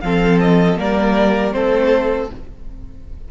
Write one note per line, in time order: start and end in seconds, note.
0.00 0.78 F3
0.00 0.77 C4
0.00 0.79 A4
0.00 0.38 F5
0.40 0.78 D#5
0.77 1.54 G3
0.77 1.52 A#3
0.77 1.55 A#4
0.77 1.53 D5
1.52 2.30 A3
1.52 2.28 C4
1.52 2.31 A4
1.52 2.29 C5